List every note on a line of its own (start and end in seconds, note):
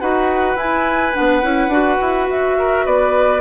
0.00 0.56 D#4
0.00 0.57 F#4
0.00 2.58 B4
0.00 0.57 F#5
0.56 1.13 E4
0.56 1.14 E4
0.56 1.15 G#5
1.14 1.43 B3
1.14 1.42 D4
1.14 2.29 F#5
1.42 1.68 C#4
1.42 1.71 E4
1.68 1.97 D4
1.68 3.41 F#4
2.01 2.28 E4
2.28 2.85 F#4
2.28 2.86 E5
2.59 2.85 A#4
2.85 3.41 B3
2.85 3.41 B4
2.85 3.41 D5